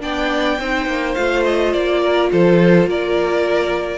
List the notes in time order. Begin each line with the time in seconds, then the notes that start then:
0.00 B3 D4 D5 G5
0.58 C4 D#4 C5
0.86 A#3
1.14 A3 F4 F5
1.44 D#5
1.72 A#3 D5
2.01 A#4
2.31 F3 A4 C5
2.86 A#3 A#4 D5